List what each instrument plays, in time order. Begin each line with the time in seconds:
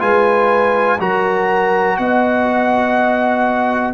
0.00 tuba G#3, trombone F4, horn B4, trumpet G#5
1.00 tuba F#3, trombone F#4, horn A#4, trumpet A#5
1.97 tuba B3, horn D#5, trumpet F#5